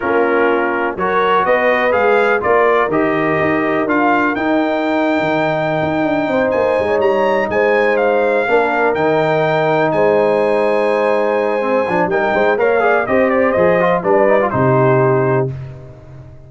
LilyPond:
<<
  \new Staff \with { instrumentName = "trumpet" } { \time 4/4 \tempo 4 = 124 ais'2 cis''4 dis''4 | f''4 d''4 dis''2 | f''4 g''2.~ | g''4. gis''4 ais''4 gis''8~ |
gis''8 f''2 g''4.~ | g''8 gis''2.~ gis''8~ | gis''4 g''4 f''4 dis''8 d''8 | dis''4 d''4 c''2 | }
  \new Staff \with { instrumentName = "horn" } { \time 4/4 f'2 ais'4 b'4~ | b'4 ais'2.~ | ais'1~ | ais'4 c''4~ c''16 cis''4~ cis''16 c''8~ |
c''4. ais'2~ ais'8~ | ais'8 c''2.~ c''8~ | c''4 ais'8 c''8 cis''8 d''8 c''4~ | c''4 b'4 g'2 | }
  \new Staff \with { instrumentName = "trombone" } { \time 4/4 cis'2 fis'2 | gis'4 f'4 g'2 | f'4 dis'2.~ | dis'1~ |
dis'4. d'4 dis'4.~ | dis'1 | c'8 d'8 dis'4 ais'8 gis'8 g'4 | gis'8 f'8 d'8 dis'16 f'16 dis'2 | }
  \new Staff \with { instrumentName = "tuba" } { \time 4/4 ais2 fis4 b4 | gis4 ais4 dis4 dis'4 | d'4 dis'4.~ dis'16 dis4~ dis16 | dis'8 d'8 c'8 ais8 gis8 g4 gis8~ |
gis4. ais4 dis4.~ | dis8 gis2.~ gis8~ | gis8 f8 g8 gis8 ais4 c'4 | f4 g4 c2 | }
>>